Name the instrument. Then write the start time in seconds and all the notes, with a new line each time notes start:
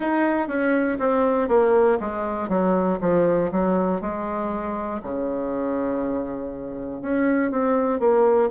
bassoon
0.00 D#4
0.48 C#4
0.99 C4
1.48 A#3
2.00 G#3
2.49 F#3
3.00 F3
3.51 F#3
4.01 G#3
5.02 C#3
7.01 C#4
7.50 C4
8.00 A#3